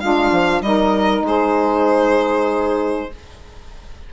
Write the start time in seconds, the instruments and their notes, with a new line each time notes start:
0.00 bassoon G#3, saxophone D4 F4, violin F5
0.31 bassoon F3
0.61 bassoon G3, saxophone D#4 A#4, violin D#5
1.22 bassoon G#3, saxophone G#4, violin C5